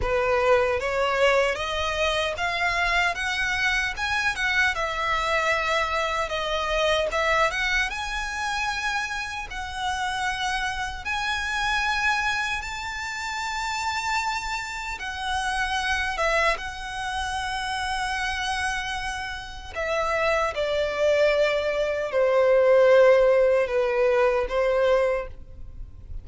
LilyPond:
\new Staff \with { instrumentName = "violin" } { \time 4/4 \tempo 4 = 76 b'4 cis''4 dis''4 f''4 | fis''4 gis''8 fis''8 e''2 | dis''4 e''8 fis''8 gis''2 | fis''2 gis''2 |
a''2. fis''4~ | fis''8 e''8 fis''2.~ | fis''4 e''4 d''2 | c''2 b'4 c''4 | }